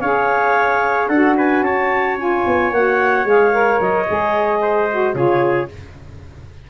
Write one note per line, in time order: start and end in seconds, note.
0.00 1.09 C#4
0.00 1.11 G#4
0.00 1.08 C#5
0.00 1.07 F5
1.07 1.61 D4
1.07 2.18 F#4
1.07 1.35 A4
1.07 1.34 F#5
1.37 1.64 B4
1.37 1.63 G#5
1.61 2.42 C#4
1.61 4.61 C#5
1.61 2.17 A5
2.18 2.72 F4
2.18 2.73 G#5
2.46 2.71 B3
2.71 3.25 A#3
2.71 3.25 F#4
2.71 3.27 F#5
3.25 3.79 G#3
3.25 3.52 G#4
3.25 3.81 F5
3.52 4.06 A#4
3.80 4.07 F#3
3.80 5.15 D#5
4.07 5.14 G#3
4.07 4.88 G#4
4.61 5.15 C5
4.91 5.14 F#4
5.14 5.68 C#3
5.14 5.68 F4
5.14 5.70 G#4
5.14 5.69 C#5